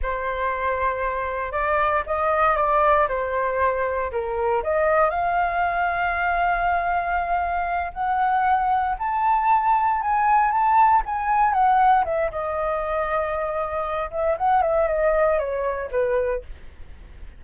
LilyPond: \new Staff \with { instrumentName = "flute" } { \time 4/4 \tempo 4 = 117 c''2. d''4 | dis''4 d''4 c''2 | ais'4 dis''4 f''2~ | f''2.~ f''8 fis''8~ |
fis''4. a''2 gis''8~ | gis''8 a''4 gis''4 fis''4 e''8 | dis''2.~ dis''8 e''8 | fis''8 e''8 dis''4 cis''4 b'4 | }